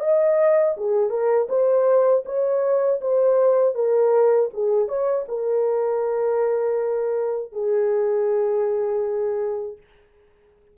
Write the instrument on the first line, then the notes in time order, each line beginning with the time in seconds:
horn
0.00 D#5
0.77 G#4
1.10 A#4
1.49 C5
2.25 C#5
3.01 C5
3.75 A#4
4.53 G#4
4.88 C#5
5.28 A#4
7.52 G#4